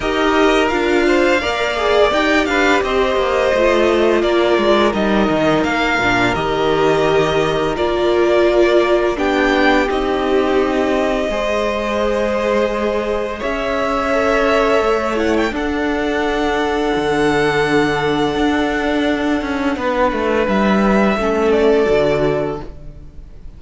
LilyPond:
<<
  \new Staff \with { instrumentName = "violin" } { \time 4/4 \tempo 4 = 85 dis''4 f''2 g''8 f''8 | dis''2 d''4 dis''4 | f''4 dis''2 d''4~ | d''4 g''4 dis''2~ |
dis''2. e''4~ | e''4. fis''16 g''16 fis''2~ | fis''1~ | fis''4 e''4. d''4. | }
  \new Staff \with { instrumentName = "violin" } { \time 4/4 ais'4. c''8 d''4. b'8 | c''2 ais'2~ | ais'1~ | ais'4 g'2. |
c''2. cis''4~ | cis''2 a'2~ | a'1 | b'2 a'2 | }
  \new Staff \with { instrumentName = "viola" } { \time 4/4 g'4 f'4 ais'8 gis'8 g'4~ | g'4 f'2 dis'4~ | dis'8 d'8 g'2 f'4~ | f'4 d'4 dis'2 |
gis'1 | a'4. e'8 d'2~ | d'1~ | d'2 cis'4 fis'4 | }
  \new Staff \with { instrumentName = "cello" } { \time 4/4 dis'4 d'4 ais4 dis'8 d'8 | c'8 ais8 a4 ais8 gis8 g8 dis8 | ais8 ais,8 dis2 ais4~ | ais4 b4 c'2 |
gis2. cis'4~ | cis'4 a4 d'2 | d2 d'4. cis'8 | b8 a8 g4 a4 d4 | }
>>